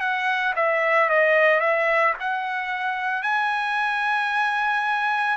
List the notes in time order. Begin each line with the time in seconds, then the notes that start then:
0.00 F#5
0.56 E5
1.10 D#5
1.60 E5
2.20 F#5
3.23 G#5